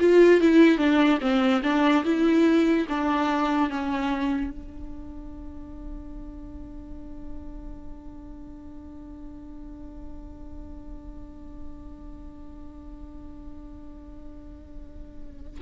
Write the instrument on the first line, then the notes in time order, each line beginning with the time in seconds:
viola
0.00 F4
0.41 E4
0.78 D4
1.21 C4
1.63 D4
2.05 E4
2.89 D4
3.70 C#4
4.51 D4